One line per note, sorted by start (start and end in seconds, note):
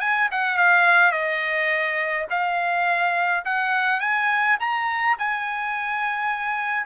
0.00 0.29 G#5
0.31 0.57 F#5
0.57 1.11 F5
1.11 2.26 D#5
2.30 3.44 F5
3.45 4.00 F#5
4.00 4.57 G#5
4.59 5.17 A#5
5.18 6.86 G#5